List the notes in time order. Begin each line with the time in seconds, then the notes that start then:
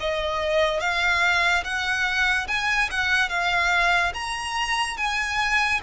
0.00 D#5
0.80 F5
1.64 F#5
2.47 G#5
2.91 F#5
3.29 F5
4.14 A#5
4.97 G#5